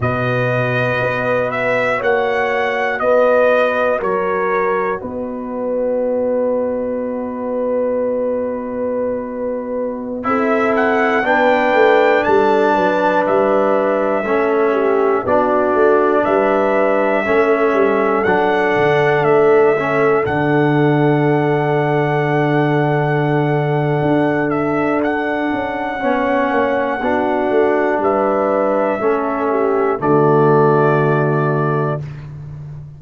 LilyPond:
<<
  \new Staff \with { instrumentName = "trumpet" } { \time 4/4 \tempo 4 = 60 dis''4. e''8 fis''4 dis''4 | cis''4 dis''2.~ | dis''2~ dis''16 e''8 fis''8 g''8.~ | g''16 a''4 e''2 d''8.~ |
d''16 e''2 fis''4 e''8.~ | e''16 fis''2.~ fis''8.~ | fis''8 e''8 fis''2. | e''2 d''2 | }
  \new Staff \with { instrumentName = "horn" } { \time 4/4 b'2 cis''4 b'4 | ais'4 b'2.~ | b'2~ b'16 a'4 b'8.~ | b'16 a'8 b'4. a'8 g'8 fis'8.~ |
fis'16 b'4 a'2~ a'8.~ | a'1~ | a'2 cis''4 fis'4 | b'4 a'8 g'8 fis'2 | }
  \new Staff \with { instrumentName = "trombone" } { \time 4/4 fis'1~ | fis'1~ | fis'2~ fis'16 e'4 d'8.~ | d'2~ d'16 cis'4 d'8.~ |
d'4~ d'16 cis'4 d'4. cis'16~ | cis'16 d'2.~ d'8.~ | d'2 cis'4 d'4~ | d'4 cis'4 a2 | }
  \new Staff \with { instrumentName = "tuba" } { \time 4/4 b,4 b4 ais4 b4 | fis4 b2.~ | b2~ b16 c'4 b8 a16~ | a16 g8 fis8 g4 a4 b8 a16~ |
a16 g4 a8 g8 fis8 d8 a8.~ | a16 d2.~ d8. | d'4. cis'8 b8 ais8 b8 a8 | g4 a4 d2 | }
>>